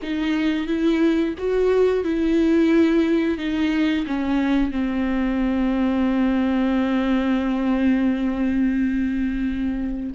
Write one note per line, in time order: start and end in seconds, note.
0.02 0.67 D#4
0.67 1.34 E4
1.38 2.04 F#4
2.04 3.38 E4
3.38 4.05 D#4
4.06 4.71 C#4
4.71 10.10 C4